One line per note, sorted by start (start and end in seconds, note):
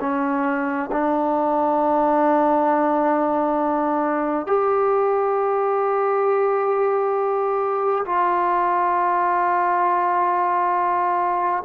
0.00 0.90 C#4
0.92 4.46 D4
4.46 8.04 G4
8.05 11.63 F4